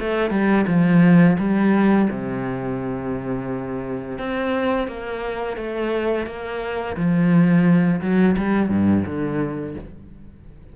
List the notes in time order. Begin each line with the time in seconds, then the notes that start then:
0.00 A3
0.31 G3
0.68 F3
1.39 G3
2.10 C3
4.19 C4
4.88 A#3
5.57 A3
6.27 A#3
6.97 F3
8.02 F#3
8.38 G3
8.69 G2
9.06 D3